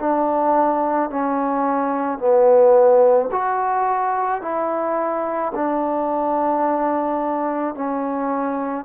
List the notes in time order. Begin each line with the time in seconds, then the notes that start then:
0.00 D4
1.11 C#4
2.19 B3
3.32 F#4
4.42 E4
5.55 D4
7.75 C#4